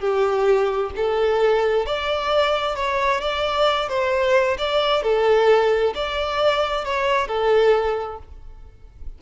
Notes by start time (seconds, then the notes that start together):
0.00 G4
0.96 A4
1.86 D5
2.76 C#5
3.21 D5
3.89 C5
4.58 D5
5.03 A4
5.95 D5
6.85 C#5
7.28 A4